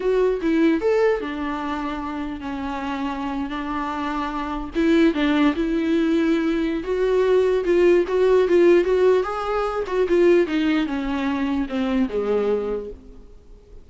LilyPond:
\new Staff \with { instrumentName = "viola" } { \time 4/4 \tempo 4 = 149 fis'4 e'4 a'4 d'4~ | d'2 cis'2~ | cis'8. d'2. e'16~ | e'8. d'4 e'2~ e'16~ |
e'4 fis'2 f'4 | fis'4 f'4 fis'4 gis'4~ | gis'8 fis'8 f'4 dis'4 cis'4~ | cis'4 c'4 gis2 | }